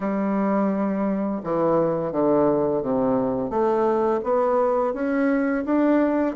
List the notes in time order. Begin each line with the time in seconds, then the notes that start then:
0.00 G3
1.43 E3
2.11 D3
2.82 C3
3.49 A3
4.23 B3
4.93 C#4
5.65 D4